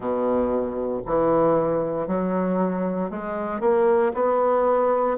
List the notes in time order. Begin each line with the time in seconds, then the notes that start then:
0.00 B2
1.06 E3
2.07 F#3
3.10 G#3
3.60 A#3
4.14 B3